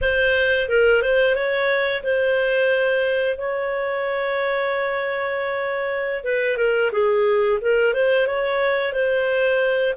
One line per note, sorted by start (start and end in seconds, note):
0.01 0.68 C5
0.69 1.01 A#4
1.01 1.35 C5
1.35 2.02 C#5
2.03 3.37 C5
3.37 6.24 C#5
6.24 6.57 B4
6.57 6.91 A#4
6.92 7.59 G#4
7.61 7.93 A#4
7.93 8.26 C5
8.26 8.93 C#5
8.93 9.94 C5